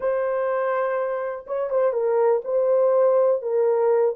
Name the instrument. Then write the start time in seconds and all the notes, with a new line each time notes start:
horn
0.00 C5
1.46 C#5
1.70 C5
1.93 A#4
2.44 C5
3.41 A#4